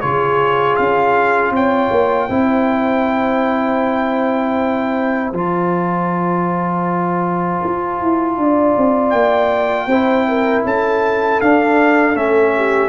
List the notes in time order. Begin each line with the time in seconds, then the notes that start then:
0.00 C#3 F4 G#4 C#5
0.76 C#4 F5
1.50 C4 C#5 G5
1.91 A#3
2.27 C4 E4 C5
5.31 F3 F4 A5
7.63 F4
8.01 E4
8.37 D4 D5
8.77 C4
9.10 A#3 G5
9.87 C4 E4 C5
10.28 A#4
10.65 C#4 A4 A5
11.41 D4 F5
12.14 A3 C#4 E5
12.56 G4